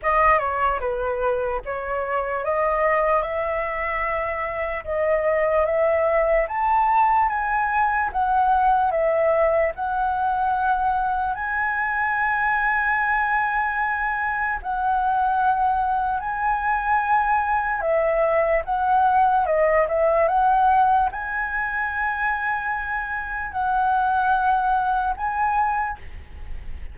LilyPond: \new Staff \with { instrumentName = "flute" } { \time 4/4 \tempo 4 = 74 dis''8 cis''8 b'4 cis''4 dis''4 | e''2 dis''4 e''4 | a''4 gis''4 fis''4 e''4 | fis''2 gis''2~ |
gis''2 fis''2 | gis''2 e''4 fis''4 | dis''8 e''8 fis''4 gis''2~ | gis''4 fis''2 gis''4 | }